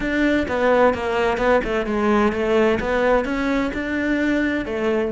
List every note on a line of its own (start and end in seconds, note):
0.00 0.47 D4
0.48 0.94 B3
0.94 1.37 A#3
1.37 1.60 B3
1.63 1.86 A3
1.86 2.32 G#3
2.32 2.79 A3
2.79 3.24 B3
3.24 3.71 C#4
3.73 4.65 D4
4.65 5.12 A3